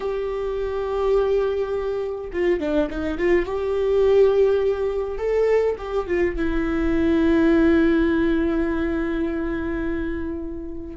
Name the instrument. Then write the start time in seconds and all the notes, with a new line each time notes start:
viola
0.00 G4
2.33 F4
2.60 D4
2.90 D#4
3.18 F4
3.45 G4
5.18 A4
5.78 G4
6.07 F4
6.36 E4